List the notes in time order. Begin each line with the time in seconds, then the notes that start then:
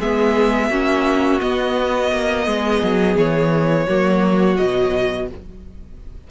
0.00 G#3 B3 G#4 E5
0.70 A#3 C#4 F#4
1.40 B3 D#5
2.12 A#3
2.46 G#3 G#4
2.83 F#3
3.16 E3 C#5
3.86 F#3 A#3 F#4
4.57 B2 F#3 D#5